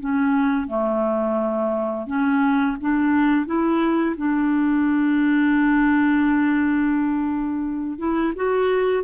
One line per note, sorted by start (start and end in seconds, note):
0.00 0.67 C#4
0.67 2.07 A3
2.07 2.77 C#4
2.81 3.46 D4
3.46 4.16 E4
4.17 7.99 D4
7.99 8.33 E4
8.35 9.03 F#4